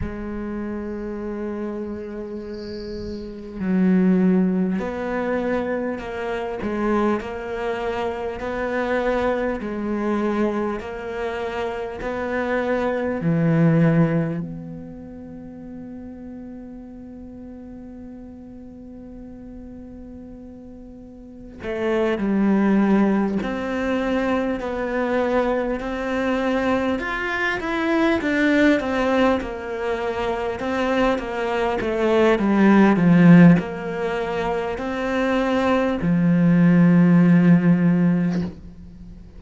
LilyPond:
\new Staff \with { instrumentName = "cello" } { \time 4/4 \tempo 4 = 50 gis2. fis4 | b4 ais8 gis8 ais4 b4 | gis4 ais4 b4 e4 | b1~ |
b2 a8 g4 c'8~ | c'8 b4 c'4 f'8 e'8 d'8 | c'8 ais4 c'8 ais8 a8 g8 f8 | ais4 c'4 f2 | }